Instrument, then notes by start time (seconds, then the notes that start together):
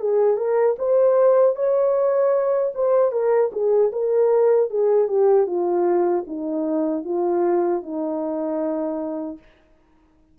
horn
0.00 G#4
0.37 A#4
0.79 C5
1.55 C#5
2.74 C5
3.12 A#4
3.52 G#4
3.92 A#4
4.70 G#4
5.08 G4
5.47 F4
6.27 D#4
7.05 F4
7.82 D#4